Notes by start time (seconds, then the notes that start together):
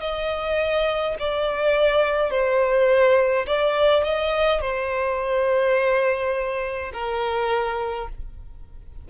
0.00 D#5
1.19 D5
2.31 C5
3.47 D5
4.04 D#5
4.61 C5
6.93 A#4